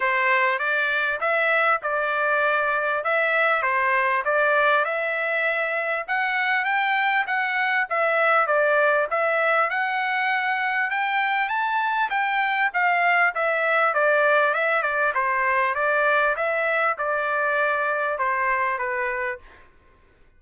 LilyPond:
\new Staff \with { instrumentName = "trumpet" } { \time 4/4 \tempo 4 = 99 c''4 d''4 e''4 d''4~ | d''4 e''4 c''4 d''4 | e''2 fis''4 g''4 | fis''4 e''4 d''4 e''4 |
fis''2 g''4 a''4 | g''4 f''4 e''4 d''4 | e''8 d''8 c''4 d''4 e''4 | d''2 c''4 b'4 | }